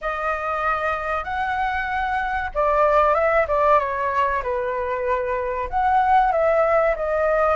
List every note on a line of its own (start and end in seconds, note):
0.01 1.23 D#5
1.23 2.50 F#5
2.54 3.14 D5
3.14 3.46 E5
3.47 3.79 D5
3.79 4.42 C#5
4.42 5.69 B4
5.69 6.32 F#5
6.32 6.95 E5
6.96 7.56 D#5